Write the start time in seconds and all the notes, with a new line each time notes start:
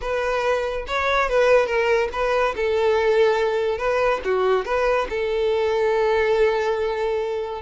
0.01 B4
0.87 C#5
1.29 B4
1.66 A#4
2.12 B4
2.56 A4
3.78 B4
4.24 F#4
4.65 B4
5.09 A4